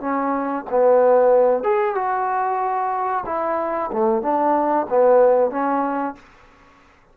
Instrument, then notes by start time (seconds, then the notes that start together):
trombone
0.00 C#4
0.70 B3
1.63 G#4
1.95 F#4
3.26 E4
3.92 A3
4.22 D4
4.89 B3
5.50 C#4